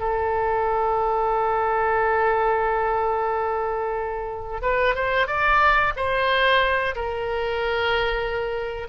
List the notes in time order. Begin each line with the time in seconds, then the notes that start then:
0.00 A4
4.62 B4
4.95 C5
5.27 D5
5.97 C5
6.96 A#4